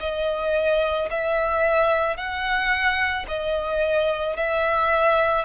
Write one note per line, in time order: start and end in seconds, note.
0.00 1.09 D#5
1.11 2.17 E5
2.17 3.26 F#5
3.28 4.36 D#5
4.36 5.45 E5